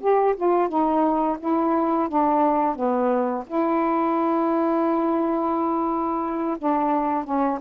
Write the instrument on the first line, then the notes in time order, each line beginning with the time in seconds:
saxophone
0.00 G4
0.36 F4
0.68 D#4
1.39 E4
2.08 D4
2.75 B3
3.46 E4
6.58 D4
7.24 C#4